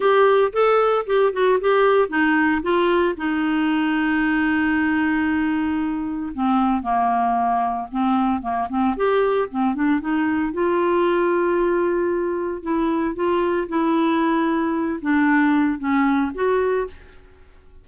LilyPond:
\new Staff \with { instrumentName = "clarinet" } { \time 4/4 \tempo 4 = 114 g'4 a'4 g'8 fis'8 g'4 | dis'4 f'4 dis'2~ | dis'1 | c'4 ais2 c'4 |
ais8 c'8 g'4 c'8 d'8 dis'4 | f'1 | e'4 f'4 e'2~ | e'8 d'4. cis'4 fis'4 | }